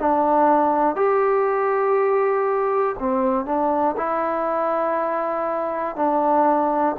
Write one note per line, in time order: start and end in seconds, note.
0.00 0.95 D4
0.95 2.95 G4
2.99 3.45 C4
3.45 3.95 D4
3.97 5.95 E4
5.95 6.95 D4